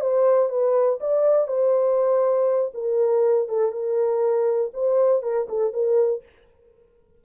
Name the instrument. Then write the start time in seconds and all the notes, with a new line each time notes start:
horn
0.00 C5
0.49 B4
1.00 D5
1.47 C5
2.74 A#4
3.48 A4
3.72 A#4
4.73 C5
5.22 A#4
5.49 A4
5.73 A#4